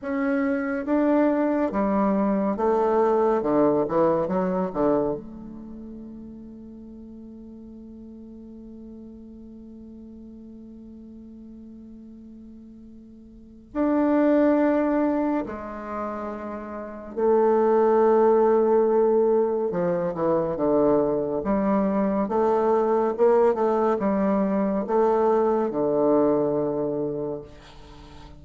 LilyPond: \new Staff \with { instrumentName = "bassoon" } { \time 4/4 \tempo 4 = 70 cis'4 d'4 g4 a4 | d8 e8 fis8 d8 a2~ | a1~ | a1 |
d'2 gis2 | a2. f8 e8 | d4 g4 a4 ais8 a8 | g4 a4 d2 | }